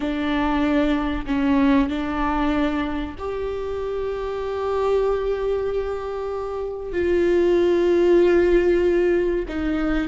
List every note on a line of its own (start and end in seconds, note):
0.00 1.25 D4
1.26 1.89 C#4
1.89 3.15 D4
3.18 6.92 G4
6.92 9.44 F4
9.48 10.08 D#4